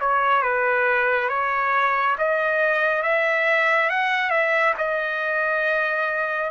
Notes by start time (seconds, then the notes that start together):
0.00 C#5
0.42 B4
1.29 C#5
2.18 D#5
3.02 E5
3.89 F#5
4.30 E5
4.77 D#5